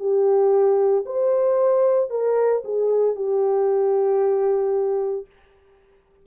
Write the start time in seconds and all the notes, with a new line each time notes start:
0.00 G4
1.06 C5
2.11 A#4
2.65 G#4
3.16 G4